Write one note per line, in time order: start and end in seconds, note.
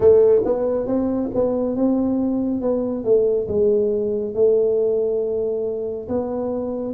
0.00 0.42 A3
0.44 0.87 B3
0.87 1.30 C4
1.34 1.75 B3
1.75 2.61 C4
2.61 3.04 B3
3.04 3.47 A3
3.47 4.34 G#3
4.34 6.08 A3
6.08 6.94 B3